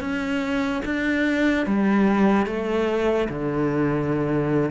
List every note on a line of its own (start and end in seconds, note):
0.00 0.82 C#4
0.85 1.66 D4
1.66 2.46 G3
2.46 3.28 A3
3.29 4.70 D3